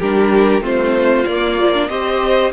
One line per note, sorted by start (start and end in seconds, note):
0.00 0.61 G3
0.00 0.62 D4
0.00 0.63 G4
0.00 0.63 A#4
0.61 1.24 A3
0.61 1.25 C4
0.61 1.89 F4
0.61 1.26 C5
1.26 1.90 A#3
1.26 1.59 A#3
1.26 1.89 D5
1.59 1.74 F3
1.74 1.89 D4
1.89 2.53 C4
1.89 2.53 G4
1.89 2.53 C5
1.89 2.52 D#5